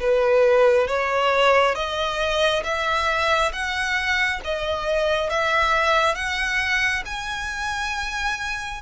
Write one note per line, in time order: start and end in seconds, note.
0.00 0.88 B4
0.88 1.75 C#5
1.75 2.64 D#5
2.64 3.52 E5
3.53 4.41 F#5
4.45 5.30 D#5
5.30 6.15 E5
6.15 7.03 F#5
7.06 8.82 G#5